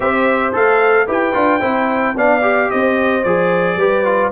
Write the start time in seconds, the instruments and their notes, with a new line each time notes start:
0.00 tuba C4, trombone G4, horn C5, trumpet E5
0.52 tuba A3, trombone A4, trumpet F5
1.06 tuba E4, trombone G4, horn B4, trumpet G5
1.33 tuba D4, trombone F4
1.59 tuba C4, trombone E4, horn C5
2.15 tuba B3, trombone D4, horn D5, trumpet F5
2.41 trombone G4
2.70 tuba C4, horn C5, trumpet D#5
3.23 tuba F3, trombone G#4, trumpet D5
3.76 tuba G3, trombone G4, horn B4
4.05 trombone F4